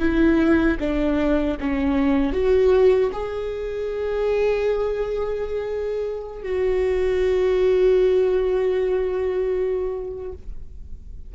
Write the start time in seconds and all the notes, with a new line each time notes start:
0.00 E4
0.80 D4
1.60 C#4
2.33 F#4
3.13 G#4
6.43 F#4